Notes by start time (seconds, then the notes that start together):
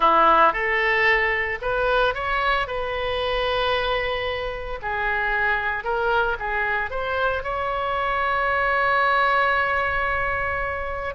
0.00 E4
0.52 A4
1.61 B4
2.14 C#5
2.67 B4
4.81 G#4
5.83 A#4
6.39 G#4
6.90 C5
7.43 C#5